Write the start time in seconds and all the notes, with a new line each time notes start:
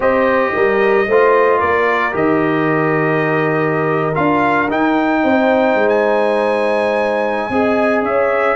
0.00 C4 G4 C5 D#5
0.53 G3 A#4
1.07 A3 F4 C5
1.58 A#3 A#4 D5
2.11 D#3 G4 D#5
4.15 D4 F4 F5
4.70 D#4 G5
5.23 C4 C5
5.74 G#3
5.88 G#5
7.49 C4 G#4 D#5
8.02 C#4 C#5 E5